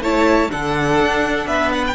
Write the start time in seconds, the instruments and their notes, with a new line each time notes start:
0.00 cello A3, viola E4, violin C#5 A5
0.50 cello D3, viola D4, violin A4 F#5
1.00 cello D4
1.47 cello B3, violin B4 E5
1.73 violin F#5
1.87 violin G5